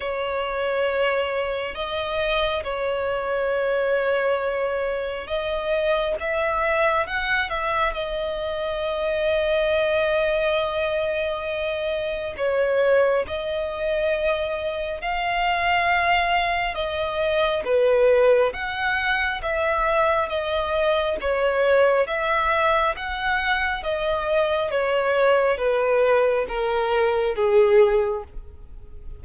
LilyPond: \new Staff \with { instrumentName = "violin" } { \time 4/4 \tempo 4 = 68 cis''2 dis''4 cis''4~ | cis''2 dis''4 e''4 | fis''8 e''8 dis''2.~ | dis''2 cis''4 dis''4~ |
dis''4 f''2 dis''4 | b'4 fis''4 e''4 dis''4 | cis''4 e''4 fis''4 dis''4 | cis''4 b'4 ais'4 gis'4 | }